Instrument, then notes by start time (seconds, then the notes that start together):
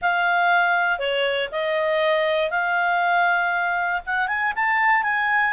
clarinet
0.01 F5
0.98 C#5
1.51 D#5
2.50 F5
4.06 F#5
4.27 G#5
4.55 A5
5.02 G#5